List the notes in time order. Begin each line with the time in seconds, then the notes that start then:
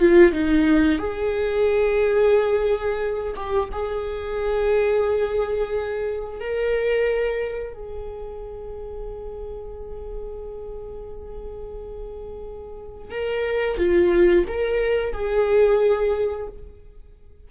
0.00 F4
0.33 D#4
0.99 G#4
3.36 G4
3.72 G#4
6.40 A#4
7.74 G#4
13.11 A#4
13.78 F4
14.48 A#4
15.13 G#4